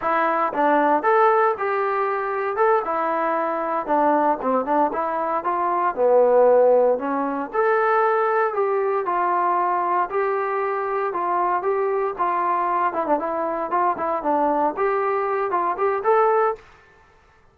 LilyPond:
\new Staff \with { instrumentName = "trombone" } { \time 4/4 \tempo 4 = 116 e'4 d'4 a'4 g'4~ | g'4 a'8 e'2 d'8~ | d'8 c'8 d'8 e'4 f'4 b8~ | b4. cis'4 a'4.~ |
a'8 g'4 f'2 g'8~ | g'4. f'4 g'4 f'8~ | f'4 e'16 d'16 e'4 f'8 e'8 d'8~ | d'8 g'4. f'8 g'8 a'4 | }